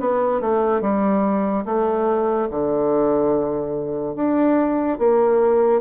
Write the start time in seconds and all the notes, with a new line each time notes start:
0.00 B3
0.41 A3
0.81 G3
1.66 A3
2.50 D3
4.15 D4
4.99 A#3